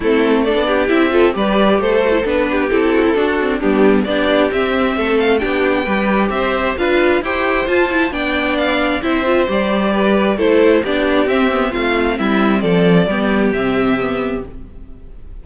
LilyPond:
<<
  \new Staff \with { instrumentName = "violin" } { \time 4/4 \tempo 4 = 133 a'4 d''4 e''4 d''4 | c''4 b'4 a'2 | g'4 d''4 e''4. f''8 | g''2 e''4 f''4 |
g''4 a''4 g''4 f''4 | e''4 d''2 c''4 | d''4 e''4 f''4 e''4 | d''2 e''2 | }
  \new Staff \with { instrumentName = "violin" } { \time 4/4 e'4 a'8 g'4 a'8 b'4 | a'4. g'4 fis'16 e'16 fis'4 | d'4 g'2 a'4 | g'4 b'4 c''4 b'4 |
c''2 d''2 | c''2 b'4 a'4 | g'2 f'4 e'4 | a'4 g'2. | }
  \new Staff \with { instrumentName = "viola" } { \time 4/4 c'4 d'4 e'8 f'8 g'4~ | g'8 fis'16 e'16 d'4 e'4 d'8 c'8 | b4 d'4 c'2 | d'4 g'2 f'4 |
g'4 f'8 e'8 d'2 | e'8 f'8 g'2 e'4 | d'4 c'8 b8 c'2~ | c'4 b4 c'4 b4 | }
  \new Staff \with { instrumentName = "cello" } { \time 4/4 a4~ a16 b8. c'4 g4 | a4 b4 c'4 d'4 | g4 b4 c'4 a4 | b4 g4 c'4 d'4 |
e'4 f'4 b2 | c'4 g2 a4 | b4 c'4 a4 g4 | f4 g4 c2 | }
>>